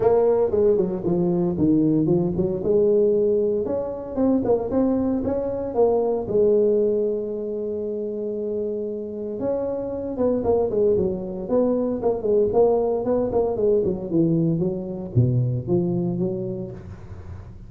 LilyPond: \new Staff \with { instrumentName = "tuba" } { \time 4/4 \tempo 4 = 115 ais4 gis8 fis8 f4 dis4 | f8 fis8 gis2 cis'4 | c'8 ais8 c'4 cis'4 ais4 | gis1~ |
gis2 cis'4. b8 | ais8 gis8 fis4 b4 ais8 gis8 | ais4 b8 ais8 gis8 fis8 e4 | fis4 b,4 f4 fis4 | }